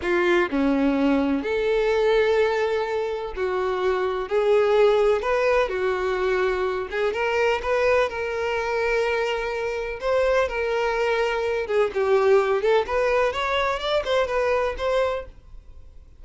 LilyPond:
\new Staff \with { instrumentName = "violin" } { \time 4/4 \tempo 4 = 126 f'4 cis'2 a'4~ | a'2. fis'4~ | fis'4 gis'2 b'4 | fis'2~ fis'8 gis'8 ais'4 |
b'4 ais'2.~ | ais'4 c''4 ais'2~ | ais'8 gis'8 g'4. a'8 b'4 | cis''4 d''8 c''8 b'4 c''4 | }